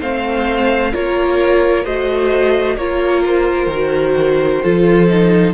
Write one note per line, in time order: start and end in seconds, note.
0.00 0.93 A3
0.00 0.93 C4
0.00 0.92 C5
0.00 0.94 F5
0.93 1.85 A#3
0.93 1.85 F4
0.93 1.84 A#4
0.93 1.86 C#5
1.84 2.77 A3
1.84 2.78 F#4
1.84 2.77 C5
1.84 2.77 D#5
2.77 3.67 A#3
2.77 3.71 F4
2.77 4.62 A#4
2.77 3.23 C#5
3.25 5.54 C5
3.67 4.59 D#3
3.67 4.63 F#4
4.62 5.54 F3
4.62 5.08 F4
4.62 5.54 A4
5.08 5.54 D#4